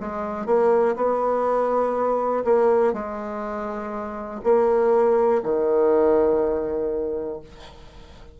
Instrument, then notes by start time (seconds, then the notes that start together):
bassoon
0.00 G#3
0.46 A#3
0.96 B3
2.44 A#3
2.93 G#3
4.44 A#3
5.43 D#3